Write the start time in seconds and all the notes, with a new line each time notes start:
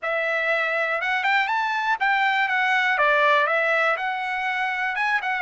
0.02 E5
1.01 F#5
1.23 G5
1.47 A5
2.00 G5
2.48 F#5
2.98 D5
3.46 E5
3.96 F#5
4.95 G#5
5.22 F#5